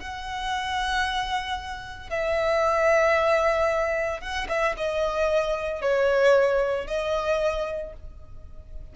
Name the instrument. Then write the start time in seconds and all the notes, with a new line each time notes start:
violin
0.00 F#5
2.10 E5
4.21 F#5
4.49 E5
4.77 D#5
5.82 C#5
6.87 D#5